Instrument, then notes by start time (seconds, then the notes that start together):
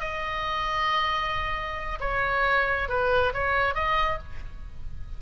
oboe
0.00 D#5
2.00 C#5
2.88 B4
3.33 C#5
3.74 D#5